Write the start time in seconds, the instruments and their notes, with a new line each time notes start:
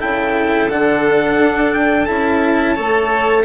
0.00 bassoon C#3, cello E4, violin A4, trumpet G5
0.69 bassoon D3, cello D4, trumpet F#5
1.38 bassoon D4
1.74 trumpet G5
2.06 bassoon C#4, cello E4, trumpet A5
2.75 bassoon A3, cello A4, violin C#5